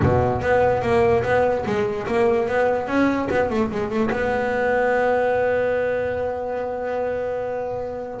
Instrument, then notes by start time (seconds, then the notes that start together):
double bass
0.02 B2
0.41 B3
0.81 A#3
1.23 B3
1.66 G#3
2.07 A#3
2.48 B3
2.87 C#4
3.30 B3
3.50 A3
3.71 G#3
3.89 A3
4.10 B3